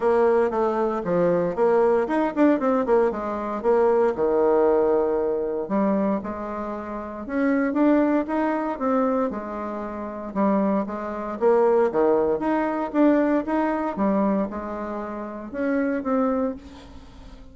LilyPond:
\new Staff \with { instrumentName = "bassoon" } { \time 4/4 \tempo 4 = 116 ais4 a4 f4 ais4 | dis'8 d'8 c'8 ais8 gis4 ais4 | dis2. g4 | gis2 cis'4 d'4 |
dis'4 c'4 gis2 | g4 gis4 ais4 dis4 | dis'4 d'4 dis'4 g4 | gis2 cis'4 c'4 | }